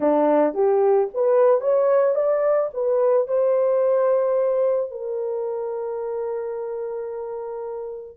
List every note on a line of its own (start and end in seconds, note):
0.00 0.53 D4
0.53 1.08 G4
1.13 1.60 B4
1.60 2.15 C#5
2.15 2.69 D5
2.73 3.27 B4
3.27 4.90 C5
4.90 8.17 A#4